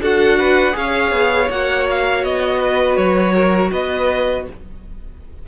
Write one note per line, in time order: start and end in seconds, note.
0.00 0.74 D4
0.00 0.72 F#4
0.00 0.39 A4
0.00 0.76 F#5
0.39 0.76 B4
0.72 1.11 C#4
0.72 1.46 G#4
0.72 1.50 F5
0.78 2.59 C#5
1.11 1.48 B3
1.50 2.23 A#3
1.50 4.47 F#4
1.50 1.87 F#5
1.90 2.24 F5
2.23 2.97 B3
2.23 2.96 D#5
2.59 3.33 B4
2.96 3.71 F#3
2.96 3.70 C#5
3.34 3.71 A#4
3.72 4.46 B3
3.72 4.46 B4
3.72 4.46 D#5